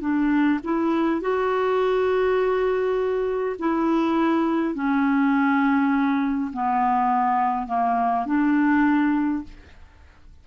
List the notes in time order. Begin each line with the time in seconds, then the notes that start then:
0.00 D4
0.64 E4
1.21 F#4
3.59 E4
4.74 C#4
6.53 B3
7.67 A#3
8.26 D4